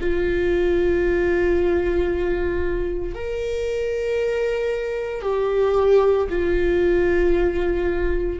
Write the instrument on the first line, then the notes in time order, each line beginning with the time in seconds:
viola
0.00 F4
3.15 A#4
5.22 G4
6.29 F4